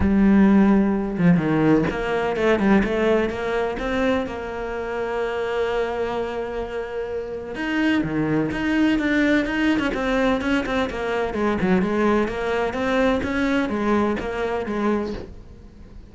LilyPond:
\new Staff \with { instrumentName = "cello" } { \time 4/4 \tempo 4 = 127 g2~ g8 f8 dis4 | ais4 a8 g8 a4 ais4 | c'4 ais2.~ | ais1 |
dis'4 dis4 dis'4 d'4 | dis'8. cis'16 c'4 cis'8 c'8 ais4 | gis8 fis8 gis4 ais4 c'4 | cis'4 gis4 ais4 gis4 | }